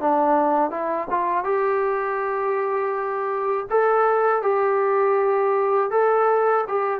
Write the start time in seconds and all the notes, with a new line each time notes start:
0.00 D4
0.71 E4
1.10 F4
1.44 G4
3.70 A4
4.42 G4
5.91 A4
6.68 G4